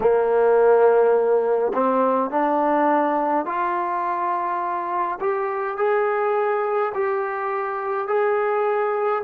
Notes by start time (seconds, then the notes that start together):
0.00 A#3
1.73 C4
2.30 D4
3.45 F4
5.20 G4
5.77 G#4
6.94 G4
8.07 G#4